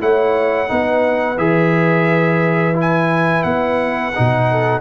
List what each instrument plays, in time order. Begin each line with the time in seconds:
0.00 tuba A3, trombone E4, horn C#5, trumpet F#5
0.67 tuba B3, trombone D#4, horn B4
1.37 tuba E3, trombone G#4, trumpet E5
2.74 trombone E4
2.81 trumpet G#5
3.43 tuba B3, trumpet F#5
4.15 tuba B2, trombone D#4
4.50 horn A4